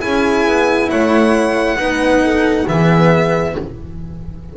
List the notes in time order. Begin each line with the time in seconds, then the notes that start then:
0.00 C#4 E4 G#4 G#5
0.47 B3
0.90 A3 C#5 F#5
1.76 B3 D#4 B4
2.24 A4
2.68 E3 B3 G#4 E5